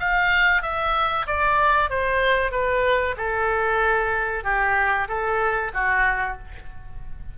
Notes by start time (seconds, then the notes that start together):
0.00 F5
0.63 E5
1.27 D5
1.90 C5
2.52 B4
3.17 A4
4.44 G4
5.09 A4
5.74 F#4